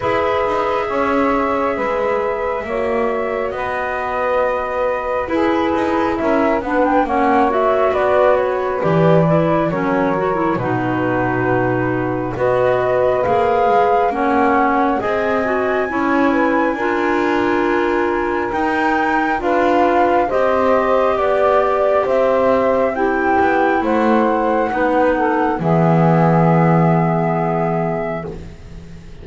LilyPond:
<<
  \new Staff \with { instrumentName = "flute" } { \time 4/4 \tempo 4 = 68 e''1 | dis''2 b'4 e''8 fis''16 g''16 | fis''8 e''8 d''8 cis''8 d''4 cis''4 | b'2 dis''4 f''4 |
fis''4 gis''2.~ | gis''4 g''4 f''4 dis''4 | d''4 e''4 g''4 fis''4~ | fis''4 e''2. | }
  \new Staff \with { instrumentName = "saxophone" } { \time 4/4 b'4 cis''4 b'4 cis''4 | b'2 gis'4 ais'8 b'8 | cis''4 b'2 ais'4 | fis'2 b'2 |
cis''4 dis''4 cis''8 b'8 ais'4~ | ais'2 b'4 c''4 | d''4 c''4 g'4 c''4 | b'8 a'8 gis'2. | }
  \new Staff \with { instrumentName = "clarinet" } { \time 4/4 gis'2. fis'4~ | fis'2 e'4. d'8 | cis'8 fis'4. g'8 e'8 cis'8 fis'16 e'16 | dis'2 fis'4 gis'4 |
cis'4 gis'8 fis'8 e'4 f'4~ | f'4 dis'4 f'4 g'4~ | g'2 e'2 | dis'4 b2. | }
  \new Staff \with { instrumentName = "double bass" } { \time 4/4 e'8 dis'8 cis'4 gis4 ais4 | b2 e'8 dis'8 cis'8 b8 | ais4 b4 e4 fis4 | b,2 b4 ais8 gis8 |
ais4 c'4 cis'4 d'4~ | d'4 dis'4 d'4 c'4 | b4 c'4. b8 a4 | b4 e2. | }
>>